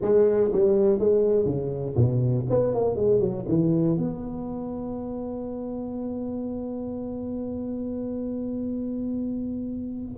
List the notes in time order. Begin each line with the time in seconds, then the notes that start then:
0.01 G#3
0.52 G3
0.99 G#3
1.45 C#3
1.96 B2
2.49 B3
2.74 A#3
2.95 G#3
3.20 F#3
3.47 E3
3.97 B3